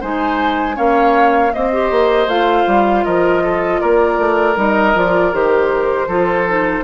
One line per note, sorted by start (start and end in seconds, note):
0.00 0.78 G#3
0.00 0.75 D#4
0.00 0.76 C5
0.00 0.77 G#5
0.75 1.53 A#3
0.75 1.50 C#4
0.75 1.52 C#5
0.75 1.53 F5
1.52 1.71 A#3
1.52 1.91 C4
1.52 3.04 C5
1.52 2.29 D#5
1.72 2.28 G4
1.91 2.27 A#3
2.27 2.65 A3
2.27 4.55 F4
2.27 3.04 F5
2.67 3.05 G3
3.04 3.81 F3
3.04 3.42 A#4
3.04 3.80 D#5
3.43 3.81 A4
3.80 4.18 A#3
3.80 6.08 A#4
3.80 4.56 D5
4.18 4.56 A3
4.55 4.94 G3
4.55 4.93 D#4
4.55 4.98 D#5
4.94 5.32 F3
4.94 5.32 F4
4.94 5.34 D5
5.32 6.07 D#3
5.32 6.08 G4
5.32 6.84 C5
6.07 6.83 F3
6.07 6.47 F4
6.07 6.84 A4
6.47 6.84 D#4